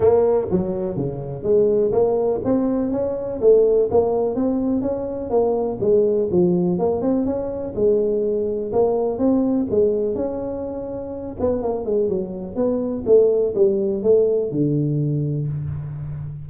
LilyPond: \new Staff \with { instrumentName = "tuba" } { \time 4/4 \tempo 4 = 124 ais4 fis4 cis4 gis4 | ais4 c'4 cis'4 a4 | ais4 c'4 cis'4 ais4 | gis4 f4 ais8 c'8 cis'4 |
gis2 ais4 c'4 | gis4 cis'2~ cis'8 b8 | ais8 gis8 fis4 b4 a4 | g4 a4 d2 | }